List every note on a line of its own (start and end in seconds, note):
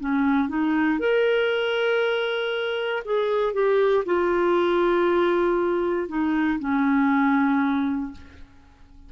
0.00 0.49 C#4
0.49 0.99 D#4
1.00 3.03 A#4
3.05 3.54 G#4
3.54 4.04 G4
4.05 6.08 F4
6.08 6.59 D#4
6.59 8.12 C#4